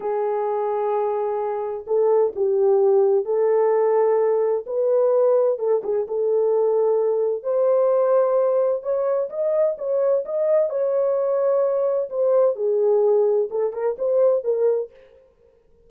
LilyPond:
\new Staff \with { instrumentName = "horn" } { \time 4/4 \tempo 4 = 129 gis'1 | a'4 g'2 a'4~ | a'2 b'2 | a'8 gis'8 a'2. |
c''2. cis''4 | dis''4 cis''4 dis''4 cis''4~ | cis''2 c''4 gis'4~ | gis'4 a'8 ais'8 c''4 ais'4 | }